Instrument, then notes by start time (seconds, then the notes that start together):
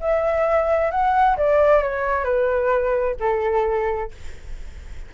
flute
0.00 E5
0.91 F#5
1.37 D5
1.82 C#5
2.24 B4
3.20 A4